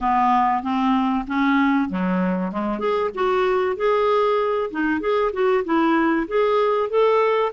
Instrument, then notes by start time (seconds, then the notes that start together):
clarinet
0.00 B3
0.62 C4
1.27 C#4
1.89 F#3
2.52 G#3
2.79 G#4
3.14 F#4
3.76 G#4
4.70 D#4
5.00 G#4
5.32 F#4
5.64 E4
6.27 G#4
6.89 A4